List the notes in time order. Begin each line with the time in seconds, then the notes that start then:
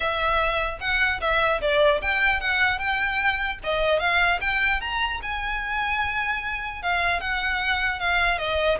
0.00 E5
0.80 F#5
1.20 E5
1.61 D5
2.01 G5
2.40 F#5
2.78 G5
3.63 D#5
3.99 F5
4.40 G5
4.80 A#5
5.22 G#5
6.82 F5
7.20 F#5
7.99 F5
8.38 D#5